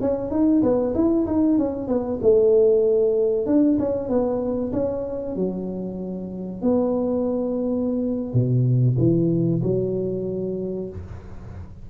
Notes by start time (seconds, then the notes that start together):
0.00 C#4
0.30 D#4
0.62 B3
0.94 E4
1.26 D#4
1.58 C#4
1.87 B3
2.21 A3
3.46 D4
3.79 C#4
4.09 B3
4.72 C#4
5.35 F#3
6.61 B3
8.33 B2
8.98 E3
9.62 F#3